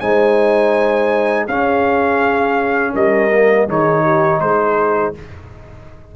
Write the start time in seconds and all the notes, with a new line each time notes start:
0.00 G#3 D#4 C5 G#5
1.48 C#4 G#4 F5
2.93 G3 A#4 D#5
3.33 A#3
3.68 D#3 D#4 G#4 C#5
4.03 G4
4.41 G#3 G#4 C5